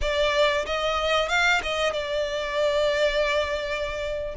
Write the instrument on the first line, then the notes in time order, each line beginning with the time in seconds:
violin
0.01 D5
0.66 D#5
1.28 F5
1.62 D#5
1.92 D5